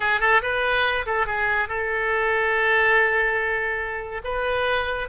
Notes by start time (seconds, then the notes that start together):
0.00 G#4
0.20 A4
0.42 B4
1.06 A4
1.26 G#4
1.68 A4
4.24 B4